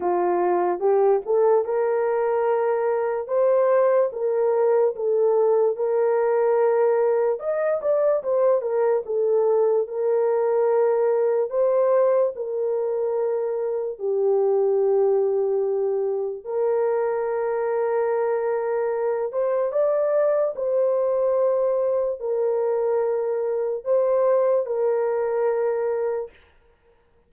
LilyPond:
\new Staff \with { instrumentName = "horn" } { \time 4/4 \tempo 4 = 73 f'4 g'8 a'8 ais'2 | c''4 ais'4 a'4 ais'4~ | ais'4 dis''8 d''8 c''8 ais'8 a'4 | ais'2 c''4 ais'4~ |
ais'4 g'2. | ais'2.~ ais'8 c''8 | d''4 c''2 ais'4~ | ais'4 c''4 ais'2 | }